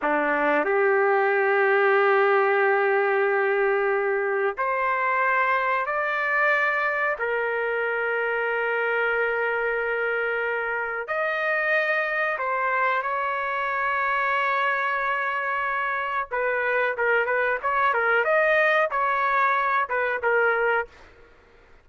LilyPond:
\new Staff \with { instrumentName = "trumpet" } { \time 4/4 \tempo 4 = 92 d'4 g'2.~ | g'2. c''4~ | c''4 d''2 ais'4~ | ais'1~ |
ais'4 dis''2 c''4 | cis''1~ | cis''4 b'4 ais'8 b'8 cis''8 ais'8 | dis''4 cis''4. b'8 ais'4 | }